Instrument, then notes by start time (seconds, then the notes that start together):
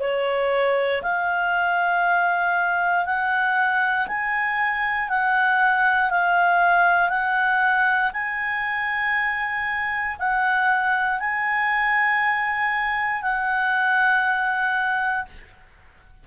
clarinet
0.00 C#5
1.02 F5
3.05 F#5
4.07 G#5
5.09 F#5
6.10 F5
7.09 F#5
8.13 G#5
10.19 F#5
11.20 G#5
13.22 F#5